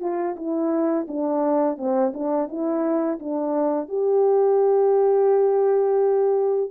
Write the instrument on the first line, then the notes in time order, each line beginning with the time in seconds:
horn
0.00 F4
0.36 E4
1.08 D4
1.77 C4
2.14 D4
2.48 E4
3.19 D4
3.89 G4